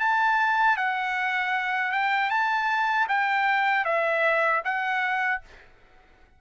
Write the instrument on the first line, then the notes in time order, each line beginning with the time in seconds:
trumpet
0.00 A5
0.77 F#5
1.92 G5
2.30 A5
3.08 G5
3.85 E5
4.64 F#5